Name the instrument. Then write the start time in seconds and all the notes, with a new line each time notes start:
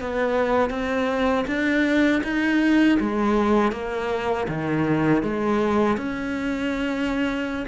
cello
0.00 B3
0.70 C4
1.47 D4
2.23 D#4
3.00 G#3
3.72 A#3
4.48 D#3
5.22 G#3
5.97 C#4